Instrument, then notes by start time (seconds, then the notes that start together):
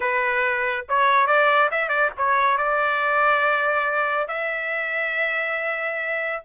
trumpet
0.00 B4
0.88 C#5
1.26 D5
1.71 E5
1.88 D5
2.17 C#5
2.57 D5
4.28 E5